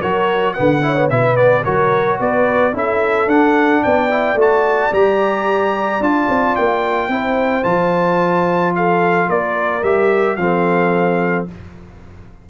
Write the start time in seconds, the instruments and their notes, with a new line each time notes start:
0.00 tuba F#3, trombone F#4, horn A#4, trumpet C#5
0.54 tuba D3, trombone B3, horn B4, trumpet F#5
0.82 trombone E4, horn C#5
0.96 trombone B3
1.10 tuba B2, trombone E4, horn B4, trumpet E5
1.36 trombone B3, trumpet D5
1.64 tuba F#3, trombone F#4, horn A#4, trumpet C#5
2.20 tuba B3, horn B4, trumpet D5
2.73 tuba C#4, trombone E4, horn A4, trumpet E5
3.27 tuba D4, trombone D4, trumpet F#5
3.83 tuba B3, horn D5, trumpet G5
4.10 trombone E4
4.35 tuba A3, trombone F#4
4.41 trumpet A5
4.92 tuba G3, trombone G4, trumpet A#5
6.00 tuba D4, trombone F4, trumpet A5
6.29 tuba C4
6.56 tuba A#3, trumpet G5
7.08 tuba C4, trombone E4, horn C5
7.64 tuba F3, trombone F4, trumpet A5
8.76 horn A4, trumpet F5
9.28 tuba A#3, horn A#4, trumpet D5
9.83 tuba G3, trombone G4, trumpet E5
10.36 tuba F3, trombone C4, horn A4, trumpet F5